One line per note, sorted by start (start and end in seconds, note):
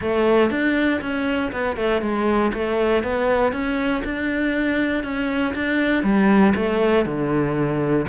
0.01 0.50 A3
0.50 1.00 D4
1.01 1.51 C#4
1.51 1.76 B3
1.76 2.01 A3
2.01 2.52 G#3
2.53 3.03 A3
3.03 3.52 B3
3.52 4.02 C#4
4.04 5.03 D4
5.03 5.54 C#4
5.54 6.03 D4
6.03 6.53 G3
6.55 7.05 A3
7.05 8.06 D3